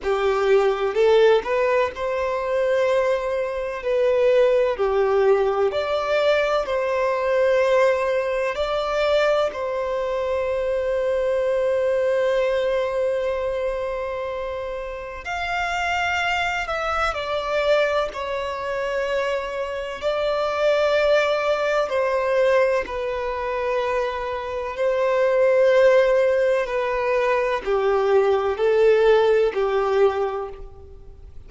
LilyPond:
\new Staff \with { instrumentName = "violin" } { \time 4/4 \tempo 4 = 63 g'4 a'8 b'8 c''2 | b'4 g'4 d''4 c''4~ | c''4 d''4 c''2~ | c''1 |
f''4. e''8 d''4 cis''4~ | cis''4 d''2 c''4 | b'2 c''2 | b'4 g'4 a'4 g'4 | }